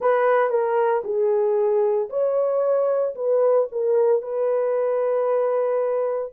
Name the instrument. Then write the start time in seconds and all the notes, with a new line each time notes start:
horn
0.00 B4
0.49 A#4
1.04 G#4
2.09 C#5
3.15 B4
3.71 A#4
4.22 B4